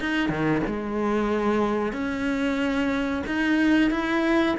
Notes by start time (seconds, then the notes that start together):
0.00 D#4
0.29 D#3
0.67 G#3
1.93 C#4
3.27 D#4
3.91 E4